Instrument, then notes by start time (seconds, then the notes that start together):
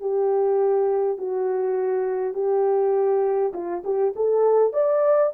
horn
0.00 G4
1.18 F#4
2.34 G4
3.53 F4
3.84 G4
4.15 A4
4.73 D5